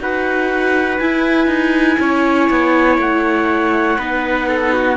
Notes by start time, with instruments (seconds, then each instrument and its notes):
0.00 cello D#4, viola F#4, trumpet B4, clarinet F#5
0.99 viola E4, cello E4, clarinet G#5
1.47 cello D#4
2.00 cello C#4, trumpet C#5
2.50 cello B3
2.98 cello A3, clarinet F#5
3.98 cello B3, viola D#4, trumpet B4
4.49 trumpet A4
4.74 trumpet F#4